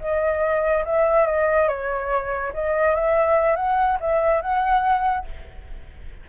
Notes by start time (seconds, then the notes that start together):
0.00 D#5
0.85 E5
1.27 D#5
1.69 C#5
2.54 D#5
2.95 E5
3.56 F#5
4.01 E5
4.42 F#5